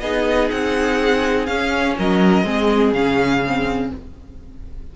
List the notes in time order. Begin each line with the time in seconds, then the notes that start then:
0.00 B3 D#4 G#4 D#5
0.51 C4 F#5
1.46 C#4 F5
1.98 F#3 A#4 D#5
2.44 G#3 C4 G#4
2.93 C#3 C#4 F5
3.47 C4